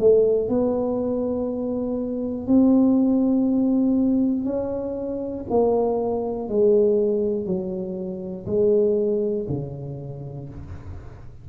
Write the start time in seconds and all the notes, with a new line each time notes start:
0.00 A3
0.49 B3
2.47 C4
4.45 C#4
5.50 A#3
6.48 G#3
7.45 F#3
8.46 G#3
9.49 C#3